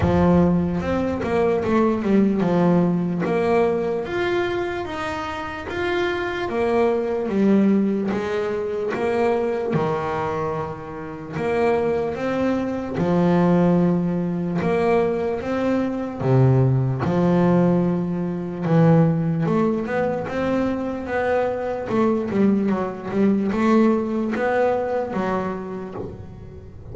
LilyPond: \new Staff \with { instrumentName = "double bass" } { \time 4/4 \tempo 4 = 74 f4 c'8 ais8 a8 g8 f4 | ais4 f'4 dis'4 f'4 | ais4 g4 gis4 ais4 | dis2 ais4 c'4 |
f2 ais4 c'4 | c4 f2 e4 | a8 b8 c'4 b4 a8 g8 | fis8 g8 a4 b4 fis4 | }